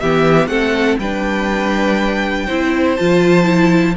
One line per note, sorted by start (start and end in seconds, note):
0.00 0.47 E3
0.00 0.49 B3
0.00 0.49 G4
0.00 0.47 E5
0.47 0.96 A3
0.47 0.99 C4
0.47 0.99 A4
0.47 0.97 F#5
0.98 2.47 G3
0.98 2.48 D4
0.98 2.46 B4
0.98 2.96 G5
2.46 2.99 C4
2.46 2.98 E4
2.46 3.95 C5
2.96 3.97 F3
2.96 3.44 F4
2.96 3.95 A5
3.44 3.94 E4